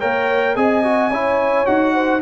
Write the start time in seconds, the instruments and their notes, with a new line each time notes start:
0.00 tuba A#3, trombone A#4, horn C#5, trumpet G5
0.55 tuba C4, trombone G#4, horn D#5, trumpet G#5
0.83 trombone F#4
1.11 tuba C#4, trombone E4, horn C#5
1.66 tuba D#4, trombone F#4, trumpet F#5
1.94 horn C5